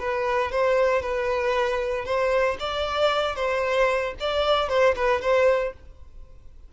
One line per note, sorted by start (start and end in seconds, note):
0.00 0.52 B4
0.52 1.02 C5
1.02 2.05 B4
2.05 2.58 C5
2.60 3.36 D5
3.36 4.14 C5
4.20 4.69 D5
4.69 4.95 C5
4.96 5.22 B4
5.22 5.74 C5